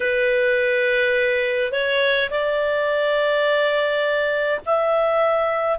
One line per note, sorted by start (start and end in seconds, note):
0.00 1.72 B4
1.72 2.29 C#5
2.30 4.60 D5
4.65 5.78 E5